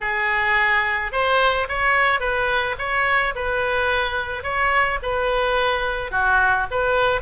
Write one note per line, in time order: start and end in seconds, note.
0.01 1.11 G#4
1.11 1.67 C5
1.68 2.20 C#5
2.20 2.75 B4
2.78 3.34 C#5
3.35 4.43 B4
4.43 4.98 C#5
5.02 6.11 B4
6.11 6.66 F#4
6.70 7.21 B4